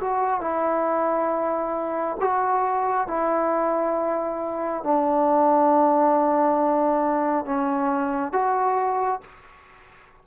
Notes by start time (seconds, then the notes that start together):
0.00 F#4
0.41 E4
2.20 F#4
3.07 E4
4.83 D4
7.45 C#4
8.32 F#4